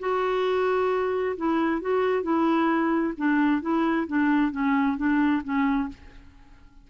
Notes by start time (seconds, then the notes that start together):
0.00 F#4
1.37 E4
1.82 F#4
2.23 E4
3.18 D4
3.62 E4
4.08 D4
4.52 C#4
4.98 D4
5.44 C#4